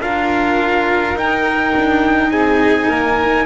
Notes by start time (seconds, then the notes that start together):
0.00 D4 F4 A#4 F5
1.16 D#4 G5
1.76 D4
2.30 C4 G#4 G#5
2.88 A#3 A#4